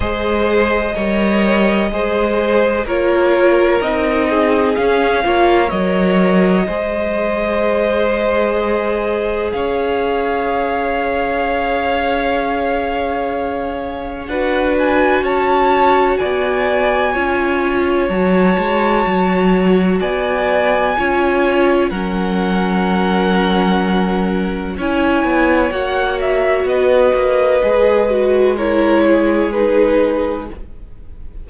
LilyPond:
<<
  \new Staff \with { instrumentName = "violin" } { \time 4/4 \tempo 4 = 63 dis''2. cis''4 | dis''4 f''4 dis''2~ | dis''2 f''2~ | f''2. fis''8 gis''8 |
a''4 gis''2 a''4~ | a''4 gis''2 fis''4~ | fis''2 gis''4 fis''8 e''8 | dis''2 cis''4 b'4 | }
  \new Staff \with { instrumentName = "violin" } { \time 4/4 c''4 cis''4 c''4 ais'4~ | ais'8 gis'4 cis''4. c''4~ | c''2 cis''2~ | cis''2. b'4 |
cis''4 d''4 cis''2~ | cis''4 d''4 cis''4 ais'4~ | ais'2 cis''2 | b'2 ais'8 gis'4. | }
  \new Staff \with { instrumentName = "viola" } { \time 4/4 gis'4 ais'4 gis'4 f'4 | dis'4 cis'8 f'8 ais'4 gis'4~ | gis'1~ | gis'2. fis'4~ |
fis'2 f'4 fis'4~ | fis'2 f'4 cis'4~ | cis'2 e'4 fis'4~ | fis'4 gis'8 fis'8 e'4 dis'4 | }
  \new Staff \with { instrumentName = "cello" } { \time 4/4 gis4 g4 gis4 ais4 | c'4 cis'8 ais8 fis4 gis4~ | gis2 cis'2~ | cis'2. d'4 |
cis'4 b4 cis'4 fis8 gis8 | fis4 b4 cis'4 fis4~ | fis2 cis'8 b8 ais4 | b8 ais8 gis2. | }
>>